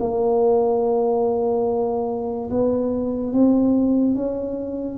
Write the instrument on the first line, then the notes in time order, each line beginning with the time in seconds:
tuba
0.00 A#3
2.50 B3
3.33 C4
4.16 C#4